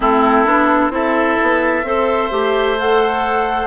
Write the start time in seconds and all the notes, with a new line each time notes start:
0.00 A3 C4 E4 A4
0.45 B3 D4
0.90 C4 E4 A4 E5
1.42 B3
1.83 C4 A4 C5
2.30 A3 G4
2.79 A4 F#5